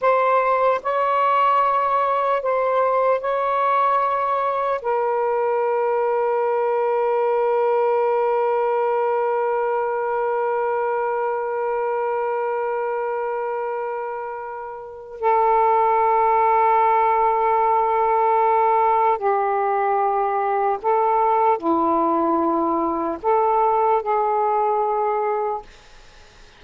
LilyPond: \new Staff \with { instrumentName = "saxophone" } { \time 4/4 \tempo 4 = 75 c''4 cis''2 c''4 | cis''2 ais'2~ | ais'1~ | ais'1~ |
ais'2. a'4~ | a'1 | g'2 a'4 e'4~ | e'4 a'4 gis'2 | }